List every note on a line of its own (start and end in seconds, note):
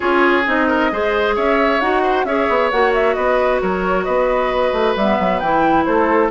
0.00 0.47 C#4
0.00 0.43 F4
0.00 0.67 G#4
0.00 0.45 C#5
0.46 0.92 C4
0.46 0.91 D#4
0.46 1.36 D#5
0.67 0.90 A#4
0.91 1.37 G#3
0.91 1.81 G#4
0.91 1.35 C5
1.35 1.81 C#4
1.35 2.02 C#5
1.35 1.80 E5
1.80 2.24 D#4
1.80 2.26 F#4
1.80 2.25 F#5
2.02 2.25 C5
2.24 2.47 C#4
2.24 2.72 G#4
2.24 3.16 C#5
2.24 2.70 E5
2.49 2.71 B3
2.70 3.16 A#3
2.70 4.98 F#4
2.70 2.93 F#5
2.94 3.14 E5
3.14 3.61 B3
3.14 3.61 B4
3.14 3.59 D#5
3.61 4.07 F#3
3.61 4.04 A#4
3.61 4.04 C#5
4.04 4.72 B3
4.04 5.85 B4
4.04 4.94 D#5
4.72 4.94 A3
4.96 5.18 G3
4.96 5.43 B3
4.96 5.39 E5
5.19 5.40 F#3
5.39 5.85 E3
5.39 6.31 E4
5.39 5.84 G5
5.84 6.31 A3
5.84 6.31 A4
5.84 6.29 C5